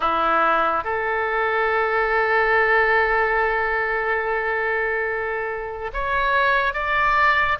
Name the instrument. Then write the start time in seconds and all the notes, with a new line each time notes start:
oboe
0.00 E4
0.84 A4
5.93 C#5
6.73 D5